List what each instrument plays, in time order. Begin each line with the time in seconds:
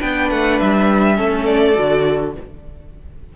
0.00 cello B3, viola D4, violin B4 G5
0.30 cello A3, violin F#5
0.59 cello G3, violin E5
1.15 cello A3, viola C#4, violin A4
1.45 violin D5
1.75 cello D3, viola F#4